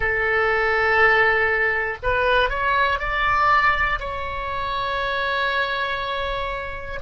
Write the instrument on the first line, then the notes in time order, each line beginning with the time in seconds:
oboe
0.00 A4
2.02 B4
2.49 C#5
2.99 D5
4.00 C#5